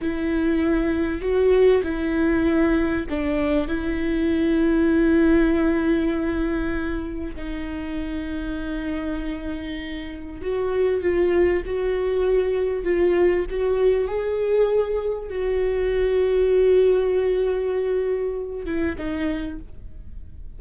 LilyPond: \new Staff \with { instrumentName = "viola" } { \time 4/4 \tempo 4 = 98 e'2 fis'4 e'4~ | e'4 d'4 e'2~ | e'1 | dis'1~ |
dis'4 fis'4 f'4 fis'4~ | fis'4 f'4 fis'4 gis'4~ | gis'4 fis'2.~ | fis'2~ fis'8 e'8 dis'4 | }